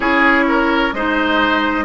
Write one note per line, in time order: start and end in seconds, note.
0.00 0.91 C#4
0.00 0.92 E4
0.00 0.44 G#4
0.00 0.93 C#5
0.47 0.94 A#4
0.93 1.85 G#3
0.93 1.85 D#4
0.93 1.85 C5
0.93 1.85 D#5